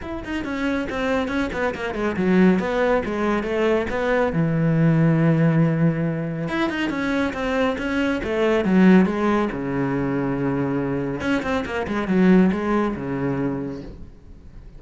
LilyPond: \new Staff \with { instrumentName = "cello" } { \time 4/4 \tempo 4 = 139 e'8 dis'8 cis'4 c'4 cis'8 b8 | ais8 gis8 fis4 b4 gis4 | a4 b4 e2~ | e2. e'8 dis'8 |
cis'4 c'4 cis'4 a4 | fis4 gis4 cis2~ | cis2 cis'8 c'8 ais8 gis8 | fis4 gis4 cis2 | }